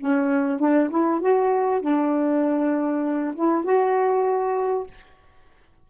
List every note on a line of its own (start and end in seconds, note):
0.00 0.59 C#4
0.59 0.90 D4
0.90 1.21 E4
1.21 1.82 F#4
1.82 3.35 D4
3.35 3.65 E4
3.65 4.87 F#4